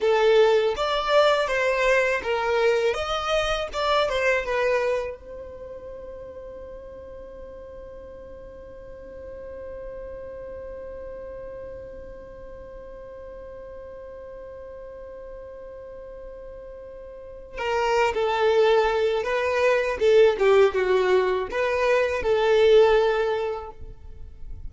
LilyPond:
\new Staff \with { instrumentName = "violin" } { \time 4/4 \tempo 4 = 81 a'4 d''4 c''4 ais'4 | dis''4 d''8 c''8 b'4 c''4~ | c''1~ | c''1~ |
c''1~ | c''2.~ c''8. ais'16~ | ais'8 a'4. b'4 a'8 g'8 | fis'4 b'4 a'2 | }